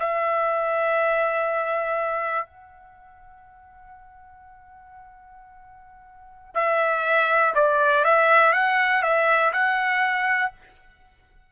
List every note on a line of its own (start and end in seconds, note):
0.00 2.46 E5
2.46 6.55 F#5
6.55 7.54 E5
7.55 8.05 D5
8.05 8.53 E5
8.53 9.03 F#5
9.03 9.52 E5
9.53 10.52 F#5